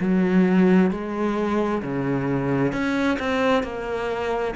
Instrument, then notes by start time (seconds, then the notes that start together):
cello
0.00 F#3
0.91 G#3
1.82 C#3
2.72 C#4
3.19 C4
3.63 A#3